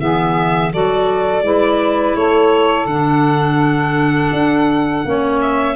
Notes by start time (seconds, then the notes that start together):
0.00 E3 B3 G#4 E5
0.72 F#3 F#4 A4 D5
1.43 G#3 E4 B4
2.16 A3 A4 C#5
2.86 D3 D4 F#5
4.33 D4
5.06 A#3 C#4 C#5
5.42 E5